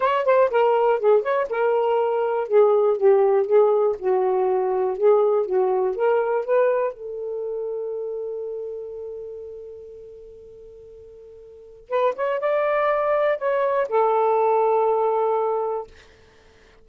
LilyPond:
\new Staff \with { instrumentName = "saxophone" } { \time 4/4 \tempo 4 = 121 cis''8 c''8 ais'4 gis'8 cis''8 ais'4~ | ais'4 gis'4 g'4 gis'4 | fis'2 gis'4 fis'4 | ais'4 b'4 a'2~ |
a'1~ | a'1 | b'8 cis''8 d''2 cis''4 | a'1 | }